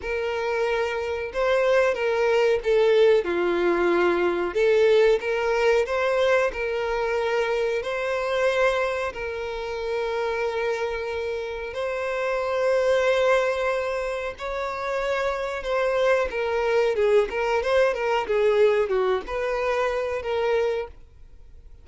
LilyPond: \new Staff \with { instrumentName = "violin" } { \time 4/4 \tempo 4 = 92 ais'2 c''4 ais'4 | a'4 f'2 a'4 | ais'4 c''4 ais'2 | c''2 ais'2~ |
ais'2 c''2~ | c''2 cis''2 | c''4 ais'4 gis'8 ais'8 c''8 ais'8 | gis'4 fis'8 b'4. ais'4 | }